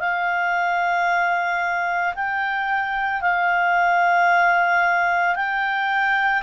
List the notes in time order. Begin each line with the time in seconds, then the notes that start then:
0.00 F5
2.15 G5
3.21 F5
5.36 G5